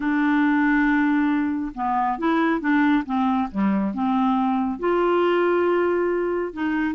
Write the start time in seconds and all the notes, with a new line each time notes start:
0.00 D4
1.75 B3
2.18 E4
2.60 D4
3.05 C4
3.51 G3
3.94 C4
4.79 F4
6.53 D#4